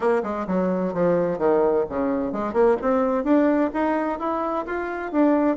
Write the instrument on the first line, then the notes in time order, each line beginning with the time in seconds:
bassoon
0.00 A#3
0.23 G#3
0.47 F#3
0.93 F3
1.38 D#3
1.89 C#3
2.32 G#3
2.53 A#3
2.81 C4
3.23 D4
3.73 D#4
4.19 E4
4.65 F4
5.12 D4